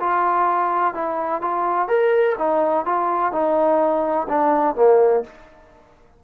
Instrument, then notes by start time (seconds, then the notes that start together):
trombone
0.00 F4
0.95 E4
1.42 F4
1.88 A#4
2.38 D#4
2.85 F4
3.32 D#4
4.29 D4
4.76 A#3